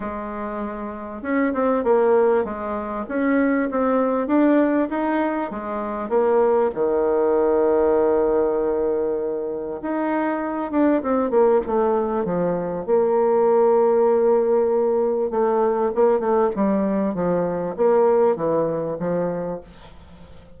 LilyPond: \new Staff \with { instrumentName = "bassoon" } { \time 4/4 \tempo 4 = 98 gis2 cis'8 c'8 ais4 | gis4 cis'4 c'4 d'4 | dis'4 gis4 ais4 dis4~ | dis1 |
dis'4. d'8 c'8 ais8 a4 | f4 ais2.~ | ais4 a4 ais8 a8 g4 | f4 ais4 e4 f4 | }